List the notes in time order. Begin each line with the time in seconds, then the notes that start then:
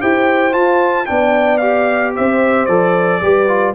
0.00 E4 G4 C5 G5
0.52 F4 A5
1.06 B3 D4 D5 G5
1.57 G4 F5
2.14 C4 C5 E5
2.66 F3 A4 D5
3.22 G3 G4 B4
3.48 F4